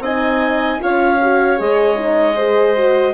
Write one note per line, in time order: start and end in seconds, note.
0.00 0.78 C4
0.00 0.80 D#4
0.00 0.81 D#5
0.00 0.82 G#5
0.80 1.60 C#4
0.80 1.19 F4
0.80 2.36 C#5
0.80 1.60 F5
1.22 1.58 F#4
1.58 3.14 G#3
1.58 1.96 G#4
1.58 3.14 D#5
1.96 2.35 D#4
2.36 2.76 G#4
2.36 3.14 C5
2.76 3.14 F#4